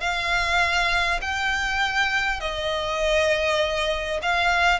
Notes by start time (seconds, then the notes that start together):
0.00 F5
1.21 G5
2.40 D#5
4.22 F5